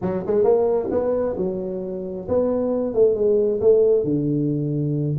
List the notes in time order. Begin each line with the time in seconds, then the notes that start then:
0.01 F#3
0.26 G#3
0.44 A#3
0.90 B3
1.37 F#3
2.28 B3
2.94 A3
3.15 G#3
3.60 A3
4.04 D3